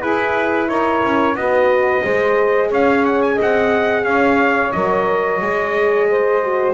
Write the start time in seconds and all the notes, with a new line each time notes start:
0.00 E4 G#4 B4
0.68 D#4 A#4 C#5
1.04 C#4
1.34 B3 F#4 B4 D#5
2.04 G#3 G#4 C5
2.68 C#4 C#5 F5
3.05 F#5
3.22 G#5
3.35 C4 D#5
3.42 F#5
4.04 C#4 C#5 F5
4.72 F#3 A#4 D#5
5.41 G#3 G#4
6.10 C5
6.43 F#4